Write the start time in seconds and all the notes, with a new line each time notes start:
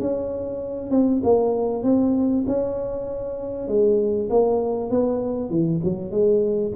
0.00 C#4
0.91 C4
1.24 A#3
1.83 C4
2.47 C#4
3.68 G#3
4.30 A#3
4.90 B3
5.50 E3
5.84 F#3
6.11 G#3